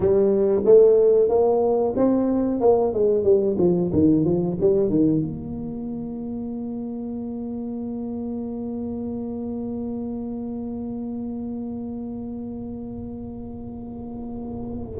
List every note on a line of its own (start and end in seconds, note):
0.00 0.62 G3
0.65 1.29 A3
1.29 1.94 A#3
1.96 2.60 C4
2.60 2.93 A#3
2.93 3.23 G#3
3.23 3.56 G3
3.58 3.91 F3
3.92 4.24 D#3
4.24 4.57 F3
4.60 4.89 G3
4.89 5.21 D#3
5.21 14.99 A#3